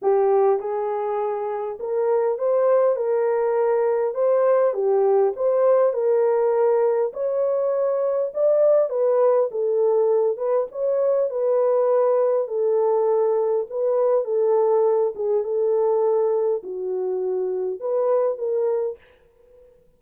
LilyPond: \new Staff \with { instrumentName = "horn" } { \time 4/4 \tempo 4 = 101 g'4 gis'2 ais'4 | c''4 ais'2 c''4 | g'4 c''4 ais'2 | cis''2 d''4 b'4 |
a'4. b'8 cis''4 b'4~ | b'4 a'2 b'4 | a'4. gis'8 a'2 | fis'2 b'4 ais'4 | }